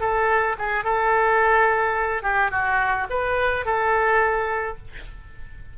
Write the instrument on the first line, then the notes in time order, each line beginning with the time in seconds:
oboe
0.00 A4
0.58 G#4
0.84 A4
2.23 G4
2.51 F#4
3.09 B4
3.65 A4